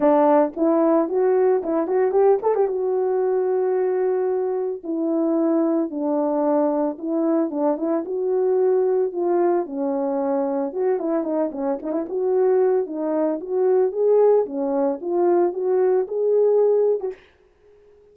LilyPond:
\new Staff \with { instrumentName = "horn" } { \time 4/4 \tempo 4 = 112 d'4 e'4 fis'4 e'8 fis'8 | g'8 a'16 g'16 fis'2.~ | fis'4 e'2 d'4~ | d'4 e'4 d'8 e'8 fis'4~ |
fis'4 f'4 cis'2 | fis'8 e'8 dis'8 cis'8 dis'16 e'16 fis'4. | dis'4 fis'4 gis'4 cis'4 | f'4 fis'4 gis'4.~ gis'16 fis'16 | }